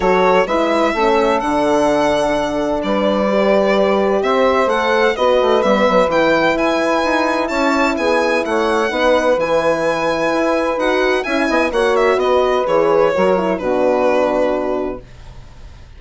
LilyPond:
<<
  \new Staff \with { instrumentName = "violin" } { \time 4/4 \tempo 4 = 128 cis''4 e''2 fis''4~ | fis''2 d''2~ | d''4 e''4 fis''4 dis''4 | e''4 g''4 gis''2 |
a''4 gis''4 fis''2 | gis''2. fis''4 | gis''4 fis''8 e''8 dis''4 cis''4~ | cis''4 b'2. | }
  \new Staff \with { instrumentName = "saxophone" } { \time 4/4 a'4 b'4 a'2~ | a'2 b'2~ | b'4 c''2 b'4~ | b'1 |
cis''4 gis'4 cis''4 b'4~ | b'1 | e''8 dis''8 cis''4 b'2 | ais'4 fis'2. | }
  \new Staff \with { instrumentName = "horn" } { \time 4/4 fis'4 e'4 cis'4 d'4~ | d'2. g'4~ | g'2 a'4 fis'4 | b4 e'2.~ |
e'2. dis'4 | e'2. fis'4 | e'4 fis'2 gis'4 | fis'8 e'8 d'2. | }
  \new Staff \with { instrumentName = "bassoon" } { \time 4/4 fis4 gis4 a4 d4~ | d2 g2~ | g4 c'4 a4 b8 a8 | g8 fis8 e4 e'4 dis'4 |
cis'4 b4 a4 b4 | e2 e'4 dis'4 | cis'8 b8 ais4 b4 e4 | fis4 b,2. | }
>>